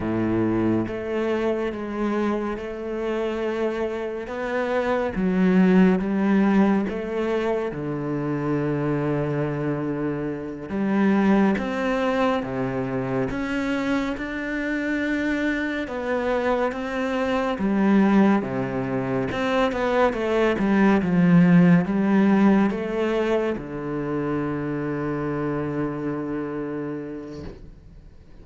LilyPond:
\new Staff \with { instrumentName = "cello" } { \time 4/4 \tempo 4 = 70 a,4 a4 gis4 a4~ | a4 b4 fis4 g4 | a4 d2.~ | d8 g4 c'4 c4 cis'8~ |
cis'8 d'2 b4 c'8~ | c'8 g4 c4 c'8 b8 a8 | g8 f4 g4 a4 d8~ | d1 | }